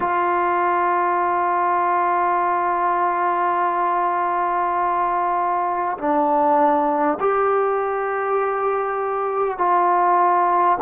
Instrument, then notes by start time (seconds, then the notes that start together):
trombone
0.00 F4
5.98 D4
7.19 G4
9.57 F4